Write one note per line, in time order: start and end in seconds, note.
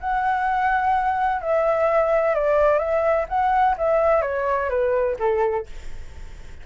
0.00 1.41 F#5
1.41 2.35 E5
2.35 2.79 D5
2.79 3.26 E5
3.29 3.76 F#5
3.78 4.22 E5
4.22 4.69 C#5
4.69 5.17 B4
5.19 5.66 A4